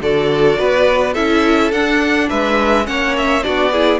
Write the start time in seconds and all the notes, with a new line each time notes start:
0.00 D3 F#4 A4 D5
0.58 B3 B4
1.13 C#4 E4 A4 E5
1.71 D4 F#5
2.28 G#3 B4 E5
2.84 A#3 C#4 C#5 F#5
3.17 E5
3.42 B3 D4 F#4 D5
3.71 E4 G#4